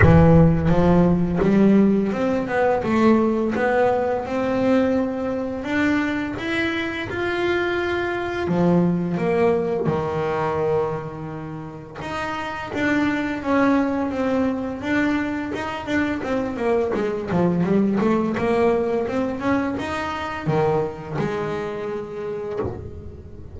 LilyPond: \new Staff \with { instrumentName = "double bass" } { \time 4/4 \tempo 4 = 85 e4 f4 g4 c'8 b8 | a4 b4 c'2 | d'4 e'4 f'2 | f4 ais4 dis2~ |
dis4 dis'4 d'4 cis'4 | c'4 d'4 dis'8 d'8 c'8 ais8 | gis8 f8 g8 a8 ais4 c'8 cis'8 | dis'4 dis4 gis2 | }